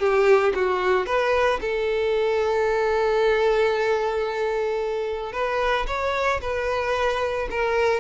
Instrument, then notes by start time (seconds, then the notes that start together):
violin
0.00 G4
0.55 F#4
1.07 B4
1.61 A4
5.33 B4
5.88 C#5
6.42 B4
7.51 A#4